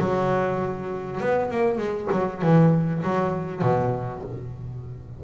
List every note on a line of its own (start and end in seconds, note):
0.00 1.21 F#3
1.21 1.51 B3
1.51 1.78 A#3
1.78 2.09 G#3
2.12 2.42 F#3
2.42 3.03 E3
3.04 3.62 F#3
3.62 4.23 B2